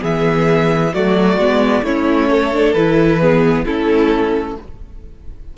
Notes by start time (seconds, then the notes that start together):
0.00 E3 B3 G#4 E5
0.95 F#3 A3 F#4 D5
1.37 G#3 B3
1.83 A3 C#4 E4 C#5
2.31 A4
2.54 D4
2.74 E3 E4 B4
3.21 B3 G#4
3.66 A3 C#4 E4 A4